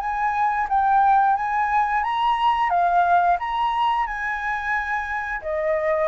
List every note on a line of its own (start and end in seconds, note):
0.00 0.67 G#5
0.69 1.36 G5
1.36 2.03 G#5
2.03 2.70 A#5
2.70 3.37 F5
3.39 4.06 A#5
4.06 5.41 G#5
5.42 6.08 D#5